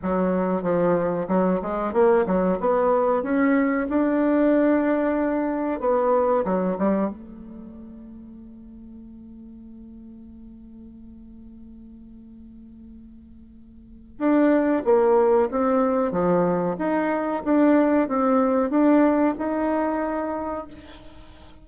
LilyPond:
\new Staff \with { instrumentName = "bassoon" } { \time 4/4 \tempo 4 = 93 fis4 f4 fis8 gis8 ais8 fis8 | b4 cis'4 d'2~ | d'4 b4 fis8 g8 a4~ | a1~ |
a1~ | a2 d'4 ais4 | c'4 f4 dis'4 d'4 | c'4 d'4 dis'2 | }